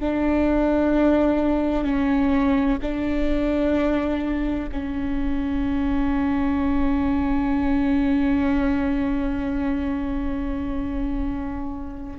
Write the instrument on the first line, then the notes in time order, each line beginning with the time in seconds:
viola
0.00 D4
1.85 C#4
2.82 D4
4.72 C#4